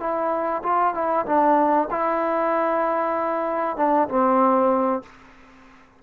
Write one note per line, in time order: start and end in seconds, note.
0.00 0.62 E4
0.63 0.95 F4
0.95 1.26 E4
1.26 1.88 D4
1.91 3.77 E4
3.77 4.08 D4
4.09 5.03 C4